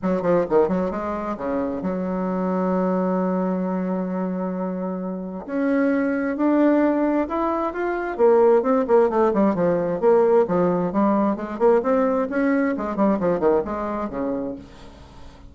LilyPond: \new Staff \with { instrumentName = "bassoon" } { \time 4/4 \tempo 4 = 132 fis8 f8 dis8 fis8 gis4 cis4 | fis1~ | fis1 | cis'2 d'2 |
e'4 f'4 ais4 c'8 ais8 | a8 g8 f4 ais4 f4 | g4 gis8 ais8 c'4 cis'4 | gis8 g8 f8 dis8 gis4 cis4 | }